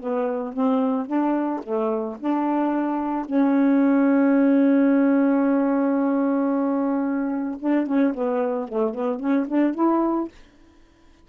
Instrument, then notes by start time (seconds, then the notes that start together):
saxophone
0.00 B3
0.53 C4
1.07 D4
1.64 A3
2.20 D4
3.26 C#4
7.60 D4
7.87 C#4
8.14 B3
8.69 A3
8.95 B3
9.20 C#4
9.48 D4
9.75 E4